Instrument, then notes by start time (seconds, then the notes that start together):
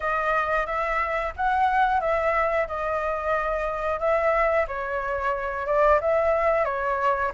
flute
0.00 D#5
0.66 E5
1.36 F#5
2.00 E5
2.67 D#5
3.99 E5
4.67 C#5
5.66 D5
6.00 E5
6.65 C#5